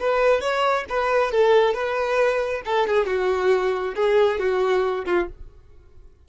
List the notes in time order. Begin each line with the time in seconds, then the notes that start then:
0.00 B4
0.41 C#5
0.90 B4
1.32 A4
1.74 B4
2.66 A4
2.87 G#4
3.07 F#4
3.95 G#4
4.39 F#4
5.06 F4